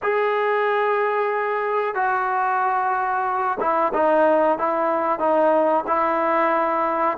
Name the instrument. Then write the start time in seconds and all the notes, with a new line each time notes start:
trombone
0.02 G#4
1.94 F#4
3.60 E4
3.93 D#4
4.58 E4
5.19 D#4
5.87 E4